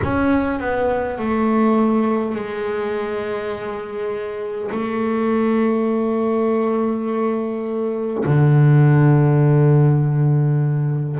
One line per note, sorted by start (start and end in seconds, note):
0.03 0.59 C#4
0.59 1.18 B3
1.18 2.35 A3
2.35 4.70 G#3
4.71 8.24 A3
8.25 11.19 D3